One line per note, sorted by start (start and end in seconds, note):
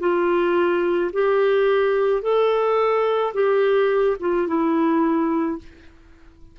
0.00 1.11 F4
1.13 2.22 G4
2.22 3.33 A4
3.34 4.17 G4
4.20 4.47 F4
4.47 5.59 E4